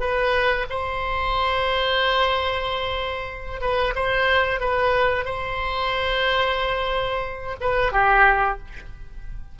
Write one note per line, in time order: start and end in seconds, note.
0.00 0.66 B4
0.70 3.61 C5
3.61 3.94 B4
3.95 4.60 C5
4.60 5.25 B4
5.25 7.56 C5
7.60 7.92 B4
7.92 8.58 G4